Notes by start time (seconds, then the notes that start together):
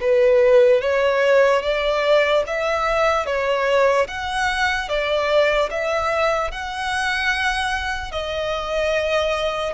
0.00 B4
0.81 C#5
1.62 D5
2.47 E5
3.26 C#5
4.07 F#5
4.88 D5
5.70 E5
6.51 F#5
8.12 D#5